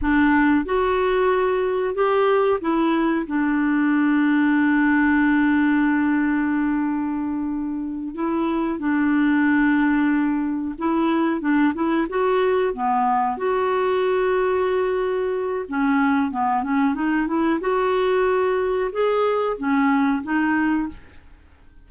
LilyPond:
\new Staff \with { instrumentName = "clarinet" } { \time 4/4 \tempo 4 = 92 d'4 fis'2 g'4 | e'4 d'2.~ | d'1~ | d'8 e'4 d'2~ d'8~ |
d'8 e'4 d'8 e'8 fis'4 b8~ | b8 fis'2.~ fis'8 | cis'4 b8 cis'8 dis'8 e'8 fis'4~ | fis'4 gis'4 cis'4 dis'4 | }